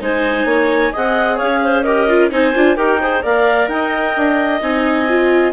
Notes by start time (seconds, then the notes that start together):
0.00 G#3 D#4 C5 G#5
0.45 A#3 C#5
0.92 C4 G#4 D#5 F#5
1.36 C#4 C#5 F5
1.63 C5
1.82 G4 A#4 D#5
2.08 F4
2.30 C4 D#4 C5 G#5
2.54 D4 F4
2.76 D#4 G4 A#4 G5
3.00 G#4 C5
3.22 A#3 A#4 D5 F5
3.67 D#4 D#5 G5
4.16 D4
4.61 C4 D#4 G#5
5.08 F4